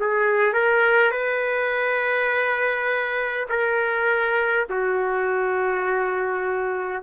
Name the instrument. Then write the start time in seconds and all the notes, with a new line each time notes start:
trumpet
0.00 G#4
0.53 A#4
1.11 B4
3.49 A#4
4.70 F#4